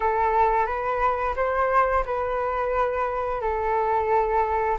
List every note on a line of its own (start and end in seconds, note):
0.00 0.66 A4
0.66 1.34 B4
1.36 2.04 C5
2.05 3.41 B4
3.41 4.77 A4